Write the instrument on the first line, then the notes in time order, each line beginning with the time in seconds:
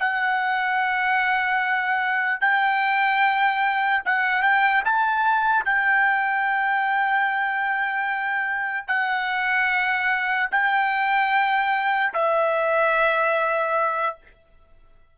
trumpet
0.00 F#5
2.41 G5
4.06 F#5
4.43 G5
4.85 A5
5.65 G5
8.88 F#5
10.51 G5
12.14 E5